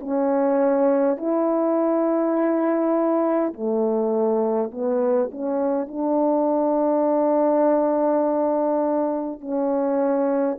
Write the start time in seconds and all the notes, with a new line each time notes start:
0.00 C#4
1.18 E4
3.53 A3
4.72 B3
5.32 C#4
5.88 D4
9.41 C#4